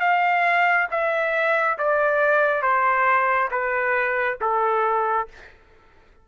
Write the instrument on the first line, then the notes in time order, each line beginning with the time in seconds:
trumpet
0.00 F5
0.91 E5
1.78 D5
2.62 C5
3.51 B4
4.41 A4